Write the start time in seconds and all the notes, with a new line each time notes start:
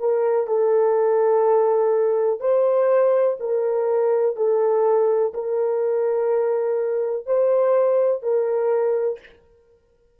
0.00 A#4
0.48 A4
2.41 C5
3.40 A#4
4.37 A4
5.34 A#4
7.27 C5
8.23 A#4